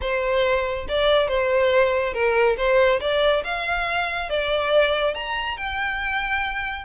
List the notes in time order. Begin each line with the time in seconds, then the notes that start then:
0.01 C5
0.88 D5
1.28 C5
2.13 A#4
2.57 C5
3.00 D5
3.44 F5
4.29 D5
5.14 A#5
5.57 G5